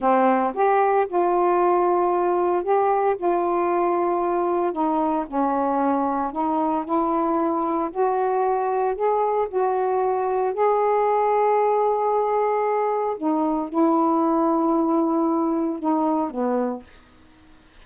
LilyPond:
\new Staff \with { instrumentName = "saxophone" } { \time 4/4 \tempo 4 = 114 c'4 g'4 f'2~ | f'4 g'4 f'2~ | f'4 dis'4 cis'2 | dis'4 e'2 fis'4~ |
fis'4 gis'4 fis'2 | gis'1~ | gis'4 dis'4 e'2~ | e'2 dis'4 b4 | }